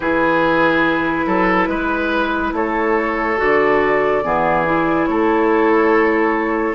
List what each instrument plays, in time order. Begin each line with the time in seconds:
0.00 bassoon E3, clarinet E4, oboe G#4, flute B4
1.26 bassoon F#3, oboe A4
1.67 bassoon G#3, oboe B4
2.52 bassoon A3, oboe A4, flute C#5
3.37 bassoon D3, clarinet F#4, flute D5
4.23 bassoon E3, clarinet B3, oboe G#4
4.65 clarinet E4
5.06 bassoon A3, oboe A4, flute C#5